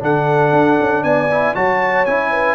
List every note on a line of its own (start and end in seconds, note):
0.00 0.52 D3
0.00 1.28 D4
0.00 1.04 A4
0.00 1.04 F#5
0.52 0.78 D4
0.80 1.04 C#4
1.04 1.55 B3
1.04 1.55 D5
1.04 1.55 G#5
1.31 1.55 E4
1.55 2.07 F#3
1.55 2.06 F#4
1.55 2.31 C#5
1.55 2.06 A5
2.06 2.55 C#4
2.06 2.55 E4
2.06 2.55 G#5
2.31 2.55 B4